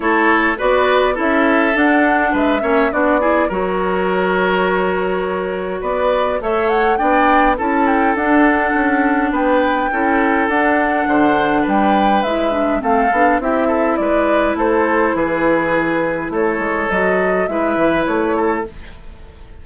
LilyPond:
<<
  \new Staff \with { instrumentName = "flute" } { \time 4/4 \tempo 4 = 103 cis''4 d''4 e''4 fis''4 | e''4 d''4 cis''2~ | cis''2 d''4 e''8 fis''8 | g''4 a''8 g''8 fis''2 |
g''2 fis''2 | g''4 e''4 f''4 e''4 | d''4 c''4 b'2 | cis''4 dis''4 e''4 cis''4 | }
  \new Staff \with { instrumentName = "oboe" } { \time 4/4 a'4 b'4 a'2 | b'8 cis''8 fis'8 gis'8 ais'2~ | ais'2 b'4 cis''4 | d''4 a'2. |
b'4 a'2 c''4 | b'2 a'4 g'8 a'8 | b'4 a'4 gis'2 | a'2 b'4. a'8 | }
  \new Staff \with { instrumentName = "clarinet" } { \time 4/4 e'4 fis'4 e'4 d'4~ | d'8 cis'8 d'8 e'8 fis'2~ | fis'2. a'4 | d'4 e'4 d'2~ |
d'4 e'4 d'2~ | d'4 e'8 d'8 c'8 d'8 e'4~ | e'1~ | e'4 fis'4 e'2 | }
  \new Staff \with { instrumentName = "bassoon" } { \time 4/4 a4 b4 cis'4 d'4 | gis8 ais8 b4 fis2~ | fis2 b4 a4 | b4 cis'4 d'4 cis'4 |
b4 cis'4 d'4 d4 | g4 gis4 a8 b8 c'4 | gis4 a4 e2 | a8 gis8 fis4 gis8 e8 a4 | }
>>